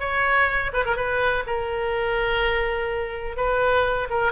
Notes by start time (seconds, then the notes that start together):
0.00 C#5
0.73 B4
0.85 A#4
0.96 B4
1.47 A#4
3.37 B4
4.10 A#4